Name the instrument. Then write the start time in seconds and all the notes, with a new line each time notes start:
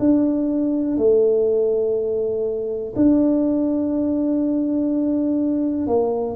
tuba
0.00 D4
0.97 A3
2.96 D4
5.87 A#3